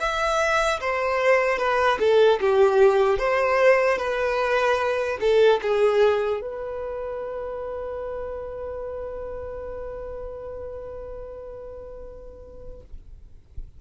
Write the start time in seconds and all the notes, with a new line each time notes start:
0.00 E5
0.80 C5
1.58 B4
2.00 A4
2.40 G4
3.18 C5
3.98 B4
5.20 A4
5.62 G#4
6.41 B4